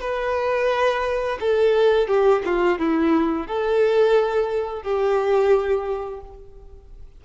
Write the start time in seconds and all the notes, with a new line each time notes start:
0.00 B4
1.40 A4
2.07 G4
2.45 F4
2.78 E4
3.47 A4
4.82 G4